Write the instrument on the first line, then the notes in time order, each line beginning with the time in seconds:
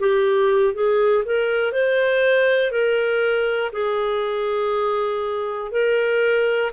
clarinet
0.00 G4
0.74 G#4
1.25 A#4
1.73 C5
2.71 A#4
3.72 G#4
5.72 A#4